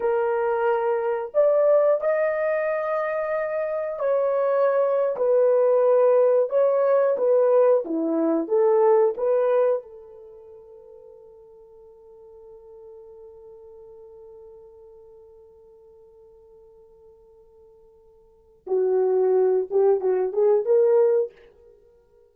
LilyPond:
\new Staff \with { instrumentName = "horn" } { \time 4/4 \tempo 4 = 90 ais'2 d''4 dis''4~ | dis''2 cis''4.~ cis''16 b'16~ | b'4.~ b'16 cis''4 b'4 e'16~ | e'8. a'4 b'4 a'4~ a'16~ |
a'1~ | a'1~ | a'1 | fis'4. g'8 fis'8 gis'8 ais'4 | }